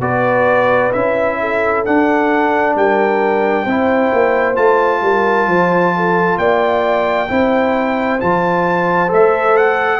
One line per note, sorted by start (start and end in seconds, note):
0.00 0.91 B3
0.00 0.92 F#4
0.00 1.37 B4
0.00 0.92 D5
0.93 1.86 C#4
0.93 1.86 E4
0.93 1.84 E5
1.40 2.77 A4
1.85 3.67 D4
1.85 2.75 D4
1.85 2.76 F#5
2.75 3.66 G3
2.75 3.64 A#4
2.75 4.56 G5
3.64 4.11 C4
3.64 4.55 E4
3.64 5.00 C5
4.13 4.57 A#3
4.55 5.02 A3
4.55 7.28 F4
4.55 6.38 A5
5.02 5.47 G3
5.02 5.48 A#4
5.47 6.38 F3
5.47 5.94 C5
5.96 6.39 A4
6.38 7.29 A#3
6.38 7.30 D5
6.38 8.20 G5
7.29 8.21 C4
7.29 8.20 E4
7.29 10.00 C5
8.20 9.13 F3
8.20 9.08 F4
8.20 9.11 A5
9.08 10.00 A3
9.08 9.99 A4
9.08 9.57 E5
9.57 10.00 F#5